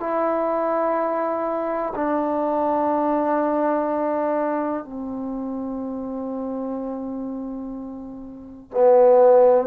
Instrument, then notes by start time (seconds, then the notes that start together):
trombone
0.00 E4
1.95 D4
4.85 C4
8.72 B3